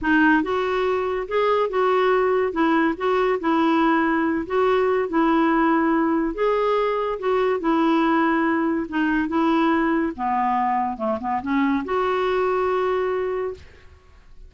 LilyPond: \new Staff \with { instrumentName = "clarinet" } { \time 4/4 \tempo 4 = 142 dis'4 fis'2 gis'4 | fis'2 e'4 fis'4 | e'2~ e'8 fis'4. | e'2. gis'4~ |
gis'4 fis'4 e'2~ | e'4 dis'4 e'2 | b2 a8 b8 cis'4 | fis'1 | }